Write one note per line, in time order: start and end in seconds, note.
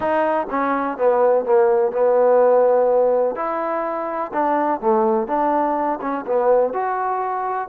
0.00 0.46 D#4
0.49 0.97 C#4
0.97 1.45 B3
1.45 1.92 A#3
1.92 3.35 B3
3.35 4.31 E4
4.33 4.80 D4
4.80 5.27 A3
5.27 5.99 D4
6.01 6.25 C#4
6.26 6.73 B3
6.73 7.68 F#4